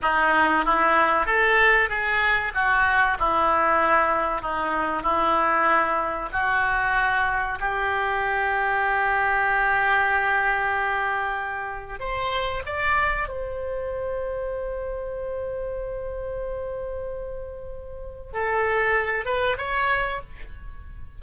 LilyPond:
\new Staff \with { instrumentName = "oboe" } { \time 4/4 \tempo 4 = 95 dis'4 e'4 a'4 gis'4 | fis'4 e'2 dis'4 | e'2 fis'2 | g'1~ |
g'2. c''4 | d''4 c''2.~ | c''1~ | c''4 a'4. b'8 cis''4 | }